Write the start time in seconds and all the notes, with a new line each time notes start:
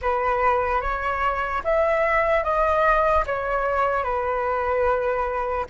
0.01 B4
0.81 C#5
1.64 E5
2.43 D#5
3.26 C#5
4.03 B4